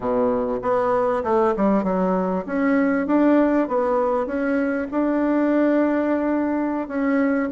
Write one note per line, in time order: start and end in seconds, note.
0.00 0.59 B2
0.62 1.23 B3
1.23 1.54 A3
1.56 1.83 G3
1.83 2.45 F#3
2.45 3.06 C#4
3.06 3.67 D4
3.68 4.26 B3
4.26 4.87 C#4
4.91 6.88 D4
6.88 7.49 C#4